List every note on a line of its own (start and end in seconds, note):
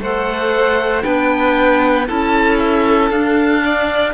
0.00 1.03 A3
0.00 1.02 A4
0.00 1.04 C5
0.00 1.04 F#5
1.02 2.09 B3
1.02 2.06 D4
1.02 2.07 B4
1.02 2.07 G5
2.07 3.10 C#4
2.07 3.10 E4
2.07 3.63 A4
2.07 2.58 A5
2.58 3.10 E5
3.10 4.14 D4
3.10 4.14 F5
3.65 4.14 D5